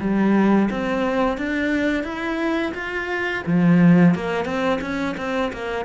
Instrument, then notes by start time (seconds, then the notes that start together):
cello
0.00 G3
0.70 C4
1.38 D4
2.03 E4
2.74 F4
3.46 F3
4.14 A#3
4.45 C4
4.81 C#4
5.17 C4
5.52 A#3